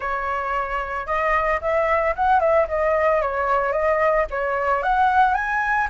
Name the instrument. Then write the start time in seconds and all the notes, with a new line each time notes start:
flute
0.00 C#5
1.06 D#5
1.61 E5
2.15 F#5
2.40 E5
2.68 D#5
3.21 C#5
3.72 D#5
4.30 C#5
4.82 F#5
5.34 G#5